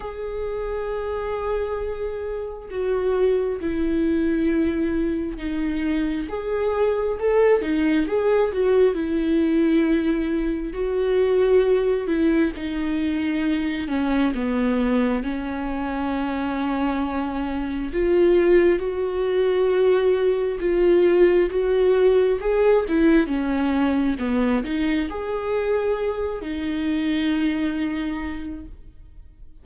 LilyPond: \new Staff \with { instrumentName = "viola" } { \time 4/4 \tempo 4 = 67 gis'2. fis'4 | e'2 dis'4 gis'4 | a'8 dis'8 gis'8 fis'8 e'2 | fis'4. e'8 dis'4. cis'8 |
b4 cis'2. | f'4 fis'2 f'4 | fis'4 gis'8 e'8 cis'4 b8 dis'8 | gis'4. dis'2~ dis'8 | }